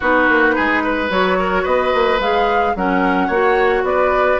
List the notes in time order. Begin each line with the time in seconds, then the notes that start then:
0.00 B3 D#4 F#4 B4
0.28 A#3
0.55 G#3 G#4
0.83 B4
1.09 F#3 F#4 C#5
1.39 A#4
1.62 B3 B4 D#5
1.93 A#3
2.18 G#3 G#4 F5
2.75 F#3 C#4 A#4 F#5
3.27 A#3 F#4 C#5
3.82 B3 B4 D5